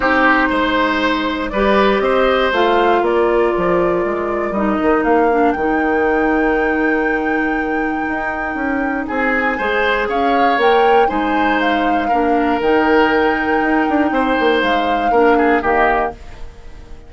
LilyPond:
<<
  \new Staff \with { instrumentName = "flute" } { \time 4/4 \tempo 4 = 119 c''2. d''4 | dis''4 f''4 d''2~ | d''4 dis''4 f''4 g''4~ | g''1~ |
g''2 gis''2 | f''4 g''4 gis''4 f''4~ | f''4 g''2.~ | g''4 f''2 dis''4 | }
  \new Staff \with { instrumentName = "oboe" } { \time 4/4 g'4 c''2 b'4 | c''2 ais'2~ | ais'1~ | ais'1~ |
ais'2 gis'4 c''4 | cis''2 c''2 | ais'1 | c''2 ais'8 gis'8 g'4 | }
  \new Staff \with { instrumentName = "clarinet" } { \time 4/4 dis'2. g'4~ | g'4 f'2.~ | f'4 dis'4. d'8 dis'4~ | dis'1~ |
dis'2. gis'4~ | gis'4 ais'4 dis'2 | d'4 dis'2.~ | dis'2 d'4 ais4 | }
  \new Staff \with { instrumentName = "bassoon" } { \time 4/4 c'4 gis2 g4 | c'4 a4 ais4 f4 | gis4 g8 dis8 ais4 dis4~ | dis1 |
dis'4 cis'4 c'4 gis4 | cis'4 ais4 gis2 | ais4 dis2 dis'8 d'8 | c'8 ais8 gis4 ais4 dis4 | }
>>